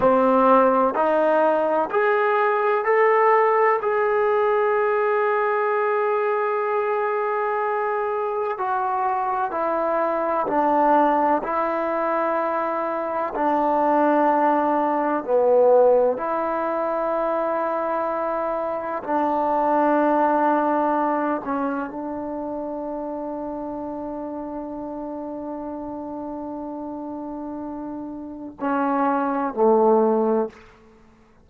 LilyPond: \new Staff \with { instrumentName = "trombone" } { \time 4/4 \tempo 4 = 63 c'4 dis'4 gis'4 a'4 | gis'1~ | gis'4 fis'4 e'4 d'4 | e'2 d'2 |
b4 e'2. | d'2~ d'8 cis'8 d'4~ | d'1~ | d'2 cis'4 a4 | }